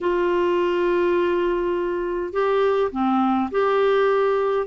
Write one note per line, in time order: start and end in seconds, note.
0.00 2.32 F4
2.32 2.91 G4
2.91 3.50 C4
3.51 4.66 G4